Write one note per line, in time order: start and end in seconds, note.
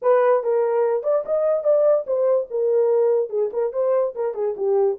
0.02 0.43 B4
0.43 1.03 A#4
1.03 1.24 D5
1.25 1.63 D#5
1.63 2.05 D5
2.06 2.48 C5
2.50 3.29 A#4
3.29 3.50 G#4
3.52 3.73 A#4
3.73 4.14 C5
4.15 4.34 A#4
4.34 4.55 G#4
4.56 4.98 G4